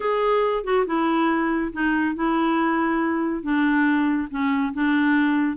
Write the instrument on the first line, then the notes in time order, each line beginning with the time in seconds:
clarinet
0.00 G#4
0.64 F#4
0.86 E4
1.73 D#4
2.15 E4
3.42 D4
4.30 C#4
4.73 D4